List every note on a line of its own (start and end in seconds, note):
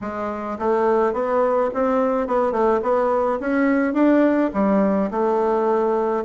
0.01 0.58 G#3
0.58 1.13 A3
1.13 1.70 B3
1.74 2.27 C4
2.27 2.52 B3
2.52 2.80 A3
2.82 3.39 B3
3.40 3.93 C#4
3.93 4.50 D4
4.53 5.10 G3
5.10 6.24 A3